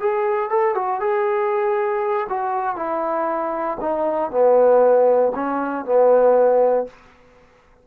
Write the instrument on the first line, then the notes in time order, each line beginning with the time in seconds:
trombone
0.00 G#4
0.49 A4
0.75 F#4
1.00 G#4
2.29 F#4
2.76 E4
3.80 D#4
4.31 B3
5.35 C#4
5.85 B3